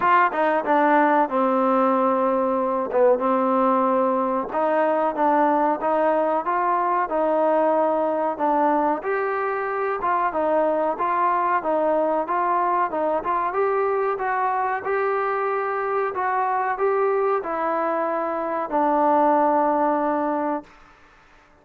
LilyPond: \new Staff \with { instrumentName = "trombone" } { \time 4/4 \tempo 4 = 93 f'8 dis'8 d'4 c'2~ | c'8 b8 c'2 dis'4 | d'4 dis'4 f'4 dis'4~ | dis'4 d'4 g'4. f'8 |
dis'4 f'4 dis'4 f'4 | dis'8 f'8 g'4 fis'4 g'4~ | g'4 fis'4 g'4 e'4~ | e'4 d'2. | }